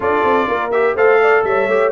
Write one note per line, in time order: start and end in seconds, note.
0.00 0.22 D4
0.00 0.70 F4
0.00 0.48 A4
0.00 0.71 D5
0.23 0.47 C4
0.48 0.94 A#3
0.48 0.95 A#4
0.71 0.97 G4
0.71 0.95 E5
0.94 1.42 A3
0.94 1.69 A4
0.94 1.19 C5
0.94 1.44 F5
1.21 1.45 D5
1.43 1.67 G3
1.43 1.91 C#5
1.43 1.91 E5
1.67 1.91 A3
1.67 1.91 G4